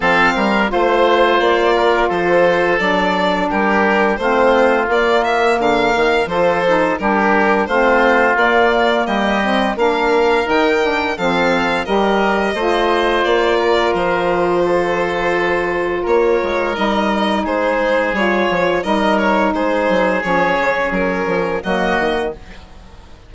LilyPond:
<<
  \new Staff \with { instrumentName = "violin" } { \time 4/4 \tempo 4 = 86 f''4 c''4 d''4 c''4 | d''4 ais'4 c''4 d''8 e''8 | f''4 c''4 ais'4 c''4 | d''4 dis''4 f''4 g''4 |
f''4 dis''2 d''4 | c''2. cis''4 | dis''4 c''4 cis''4 dis''8 cis''8 | c''4 cis''4 ais'4 dis''4 | }
  \new Staff \with { instrumentName = "oboe" } { \time 4/4 a'8 ais'8 c''4. ais'8 a'4~ | a'4 g'4 f'2 | ais'4 a'4 g'4 f'4~ | f'4 g'4 ais'2 |
a'4 ais'4 c''4. ais'8~ | ais'4 a'2 ais'4~ | ais'4 gis'2 ais'4 | gis'2. fis'4 | }
  \new Staff \with { instrumentName = "saxophone" } { \time 4/4 c'4 f'2. | d'2 c'4 ais4~ | ais4 f'8 dis'8 d'4 c'4 | ais4. c'8 d'4 dis'8 d'8 |
c'4 g'4 f'2~ | f'1 | dis'2 f'4 dis'4~ | dis'4 cis'2 ais4 | }
  \new Staff \with { instrumentName = "bassoon" } { \time 4/4 f8 g8 a4 ais4 f4 | fis4 g4 a4 ais4 | d8 dis8 f4 g4 a4 | ais4 g4 ais4 dis4 |
f4 g4 a4 ais4 | f2. ais8 gis8 | g4 gis4 g8 f8 g4 | gis8 fis8 f8 cis8 fis8 f8 fis8 dis8 | }
>>